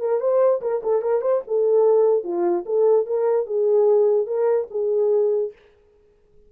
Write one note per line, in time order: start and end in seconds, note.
0.00 0.20 A#4
0.20 0.61 C5
0.61 0.82 A#4
0.83 1.02 A4
1.02 1.21 A#4
1.21 1.42 C5
1.47 2.24 A4
2.24 2.65 F4
2.66 3.06 A4
3.06 3.46 A#4
3.46 4.27 G#4
4.27 4.68 A#4
4.71 5.52 G#4